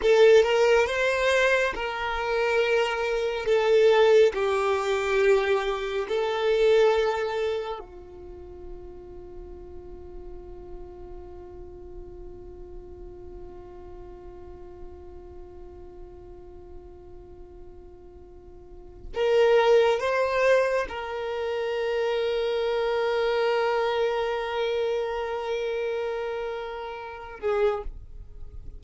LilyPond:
\new Staff \with { instrumentName = "violin" } { \time 4/4 \tempo 4 = 69 a'8 ais'8 c''4 ais'2 | a'4 g'2 a'4~ | a'4 f'2.~ | f'1~ |
f'1~ | f'2 ais'4 c''4 | ais'1~ | ais'2.~ ais'8 gis'8 | }